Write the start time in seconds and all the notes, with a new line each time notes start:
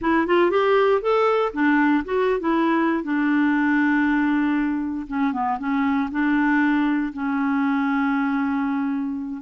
0.01 E4
0.27 F4
0.50 G4
1.01 A4
1.53 D4
2.05 F#4
2.40 E4
3.03 D4
5.07 C#4
5.33 B3
5.58 C#4
6.11 D4
7.13 C#4